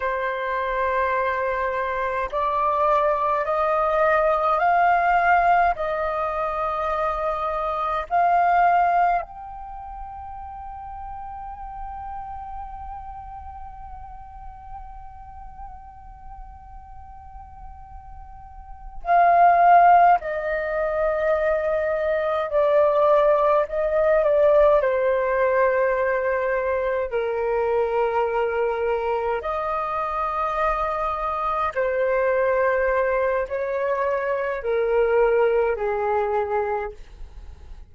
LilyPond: \new Staff \with { instrumentName = "flute" } { \time 4/4 \tempo 4 = 52 c''2 d''4 dis''4 | f''4 dis''2 f''4 | g''1~ | g''1~ |
g''8 f''4 dis''2 d''8~ | d''8 dis''8 d''8 c''2 ais'8~ | ais'4. dis''2 c''8~ | c''4 cis''4 ais'4 gis'4 | }